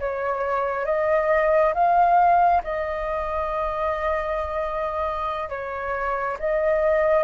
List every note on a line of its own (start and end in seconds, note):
0.00 0.85 C#5
0.85 1.74 D#5
1.74 2.63 F5
2.64 5.49 D#5
5.49 6.38 C#5
6.39 7.24 D#5